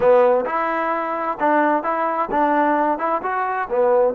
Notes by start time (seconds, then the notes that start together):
0.00 B3
0.45 E4
1.39 D4
1.83 E4
2.31 D4
2.98 E4
3.22 F#4
3.69 B3